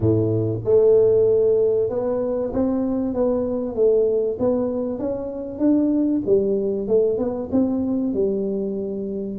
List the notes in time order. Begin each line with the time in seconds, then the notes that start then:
0.00 A2
0.64 A3
1.89 B3
2.52 C4
3.14 B3
3.75 A3
4.39 B3
4.98 C#4
5.59 D4
6.26 G3
6.87 A3
7.17 B3
7.51 C4
8.13 G3